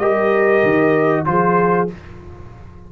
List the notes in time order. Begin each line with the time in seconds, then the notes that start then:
0.00 G3 G4 A#4 D#5
0.64 D#3
1.26 F3 F4 G#4 C5